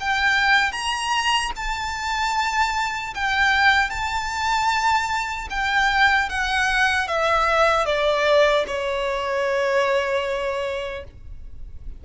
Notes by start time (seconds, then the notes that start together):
0.00 G5
0.72 A#5
1.56 A5
3.14 G5
3.90 A5
5.50 G5
6.29 F#5
7.08 E5
7.86 D5
8.67 C#5